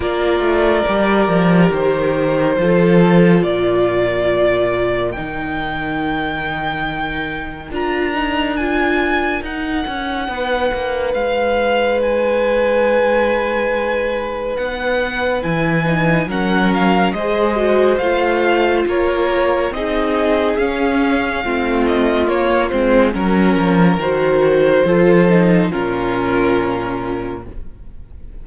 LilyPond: <<
  \new Staff \with { instrumentName = "violin" } { \time 4/4 \tempo 4 = 70 d''2 c''2 | d''2 g''2~ | g''4 ais''4 gis''4 fis''4~ | fis''4 f''4 gis''2~ |
gis''4 fis''4 gis''4 fis''8 f''8 | dis''4 f''4 cis''4 dis''4 | f''4. dis''8 cis''8 c''8 ais'4 | c''2 ais'2 | }
  \new Staff \with { instrumentName = "violin" } { \time 4/4 ais'2. a'4 | ais'1~ | ais'1 | b'1~ |
b'2. ais'4 | c''2 ais'4 gis'4~ | gis'4 f'2 ais'4~ | ais'4 a'4 f'2 | }
  \new Staff \with { instrumentName = "viola" } { \time 4/4 f'4 g'2 f'4~ | f'2 dis'2~ | dis'4 f'8 dis'8 f'4 dis'4~ | dis'1~ |
dis'2 e'8 dis'8 cis'4 | gis'8 fis'8 f'2 dis'4 | cis'4 c'4 ais8 c'8 cis'4 | fis'4 f'8 dis'8 cis'2 | }
  \new Staff \with { instrumentName = "cello" } { \time 4/4 ais8 a8 g8 f8 dis4 f4 | ais,2 dis2~ | dis4 d'2 dis'8 cis'8 | b8 ais8 gis2.~ |
gis4 b4 e4 fis4 | gis4 a4 ais4 c'4 | cis'4 a4 ais8 gis8 fis8 f8 | dis4 f4 ais,2 | }
>>